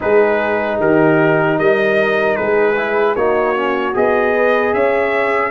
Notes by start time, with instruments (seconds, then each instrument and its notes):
0.00 tuba G#3, trombone D#4, horn G#4, trumpet B4
0.80 tuba D#3, horn G4, trumpet A#4
1.58 tuba G3, horn A#4, trumpet D#5
2.36 tuba G#3, horn G#4, trumpet B4
2.77 trombone E4
3.15 tuba A#3, trombone D#4, horn F#4, trumpet C#5
3.55 trombone C#4
3.93 tuba B3, trombone G#4, trumpet D#5
4.35 horn B4
4.73 tuba C#4, horn C#5, trumpet E5